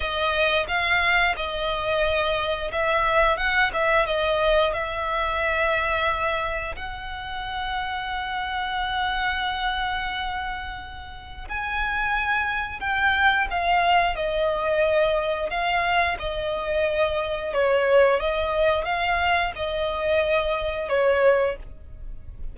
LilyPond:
\new Staff \with { instrumentName = "violin" } { \time 4/4 \tempo 4 = 89 dis''4 f''4 dis''2 | e''4 fis''8 e''8 dis''4 e''4~ | e''2 fis''2~ | fis''1~ |
fis''4 gis''2 g''4 | f''4 dis''2 f''4 | dis''2 cis''4 dis''4 | f''4 dis''2 cis''4 | }